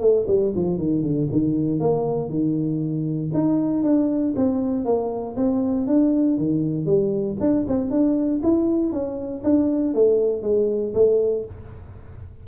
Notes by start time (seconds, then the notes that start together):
0.00 A3
0.27 G3
0.55 F3
0.78 D#3
1.02 D3
1.31 D#3
1.80 A#3
2.29 D#3
3.34 D#4
3.83 D4
4.36 C4
4.85 A#3
5.36 C4
5.87 D4
6.38 D#3
6.86 G3
7.40 D4
7.68 C4
7.90 D4
8.43 E4
8.92 C#4
9.43 D4
9.94 A3
10.42 G#3
10.94 A3